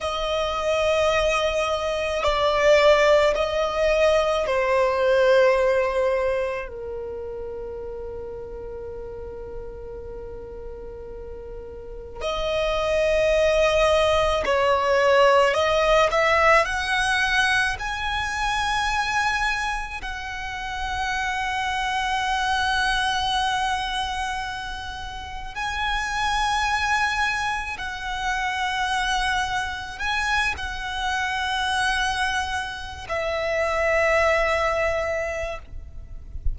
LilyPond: \new Staff \with { instrumentName = "violin" } { \time 4/4 \tempo 4 = 54 dis''2 d''4 dis''4 | c''2 ais'2~ | ais'2. dis''4~ | dis''4 cis''4 dis''8 e''8 fis''4 |
gis''2 fis''2~ | fis''2. gis''4~ | gis''4 fis''2 gis''8 fis''8~ | fis''4.~ fis''16 e''2~ e''16 | }